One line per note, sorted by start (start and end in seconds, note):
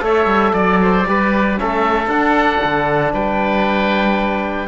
0.00 0.26 A3
0.00 1.03 A4
0.00 0.53 C#5
0.00 0.56 E5
0.26 0.52 G3
0.53 1.05 F#3
0.53 0.79 D5
0.53 1.59 D5
0.82 1.08 C5
1.06 1.59 G3
1.06 1.56 G4
1.06 1.60 B4
1.56 2.07 A3
1.56 2.08 C#4
1.56 3.13 A4
1.56 2.09 E5
2.07 2.59 D4
2.07 4.67 D4
2.07 3.12 F#5
2.64 3.13 D3
3.13 4.67 G3
3.13 4.67 B4
3.13 4.67 G5